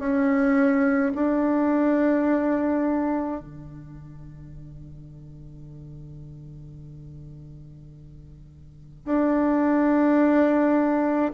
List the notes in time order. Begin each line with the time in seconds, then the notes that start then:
0.00 C#4
1.15 D4
3.41 D3
9.06 D4